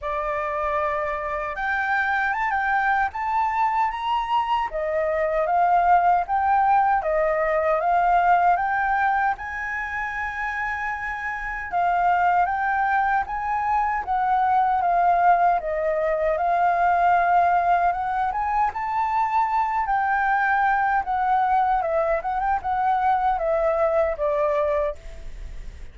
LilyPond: \new Staff \with { instrumentName = "flute" } { \time 4/4 \tempo 4 = 77 d''2 g''4 a''16 g''8. | a''4 ais''4 dis''4 f''4 | g''4 dis''4 f''4 g''4 | gis''2. f''4 |
g''4 gis''4 fis''4 f''4 | dis''4 f''2 fis''8 gis''8 | a''4. g''4. fis''4 | e''8 fis''16 g''16 fis''4 e''4 d''4 | }